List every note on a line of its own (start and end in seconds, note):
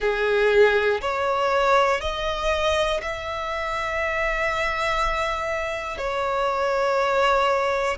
0.00 1.00 G#4
1.00 2.00 C#5
2.00 3.00 D#5
3.01 5.97 E5
5.97 7.97 C#5